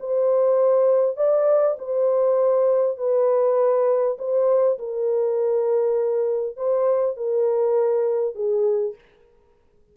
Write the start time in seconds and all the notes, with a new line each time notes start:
0.00 C5
1.16 D5
1.79 C5
2.98 B4
4.18 C5
4.79 A#4
6.57 C5
7.16 A#4
8.35 G#4